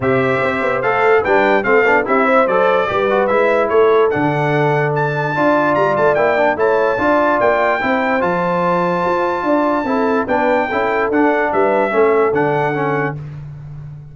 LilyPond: <<
  \new Staff \with { instrumentName = "trumpet" } { \time 4/4 \tempo 4 = 146 e''2 f''4 g''4 | f''4 e''4 d''2 | e''4 cis''4 fis''2 | a''2 ais''8 a''8 g''4 |
a''2 g''2 | a''1~ | a''4 g''2 fis''4 | e''2 fis''2 | }
  \new Staff \with { instrumentName = "horn" } { \time 4/4 c''2. b'4 | a'4 g'8 c''4. b'4~ | b'4 a'2.~ | a'4 d''2. |
cis''4 d''2 c''4~ | c''2. d''4 | a'4 b'4 a'2 | b'4 a'2. | }
  \new Staff \with { instrumentName = "trombone" } { \time 4/4 g'2 a'4 d'4 | c'8 d'8 e'4 a'4 g'8 fis'8 | e'2 d'2~ | d'4 f'2 e'8 d'8 |
e'4 f'2 e'4 | f'1 | e'4 d'4 e'4 d'4~ | d'4 cis'4 d'4 cis'4 | }
  \new Staff \with { instrumentName = "tuba" } { \time 4/4 c4 c'8 b8 a4 g4 | a8 b8 c'4 fis4 g4 | gis4 a4 d2~ | d4 d'4 g8 a8 ais4 |
a4 d'4 ais4 c'4 | f2 f'4 d'4 | c'4 b4 cis'4 d'4 | g4 a4 d2 | }
>>